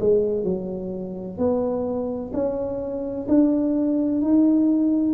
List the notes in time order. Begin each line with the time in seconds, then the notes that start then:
0.00 G#3
0.44 F#3
1.38 B3
2.34 C#4
3.29 D4
4.22 D#4